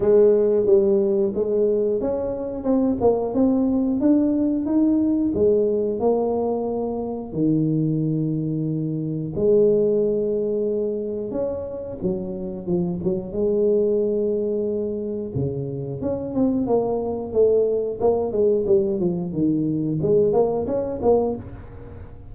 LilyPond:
\new Staff \with { instrumentName = "tuba" } { \time 4/4 \tempo 4 = 90 gis4 g4 gis4 cis'4 | c'8 ais8 c'4 d'4 dis'4 | gis4 ais2 dis4~ | dis2 gis2~ |
gis4 cis'4 fis4 f8 fis8 | gis2. cis4 | cis'8 c'8 ais4 a4 ais8 gis8 | g8 f8 dis4 gis8 ais8 cis'8 ais8 | }